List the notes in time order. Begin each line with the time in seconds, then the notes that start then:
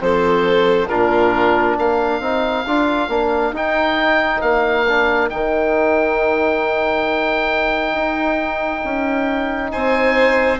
0.00 F3 C4 A4 C5
0.88 A#2 D4 F4 A#4
1.76 A#3 A#4 F5
2.20 C4 D#4
2.66 D4 F4
3.08 A#3 D4
3.52 D#4 G5
4.41 A#3 F5
4.88 D4
5.30 D#3 D#4 G5
7.93 D#4
8.84 C#4
9.72 C4 C5 G#5